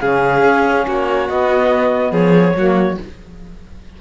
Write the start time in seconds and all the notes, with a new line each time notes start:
0.00 C#3 C#4 G#4 F5
0.43 C#4
0.87 A#3 F#4 C#5
1.27 B3 D#5
2.11 F3 G#4 C#5
2.54 F#3 A#3 F#4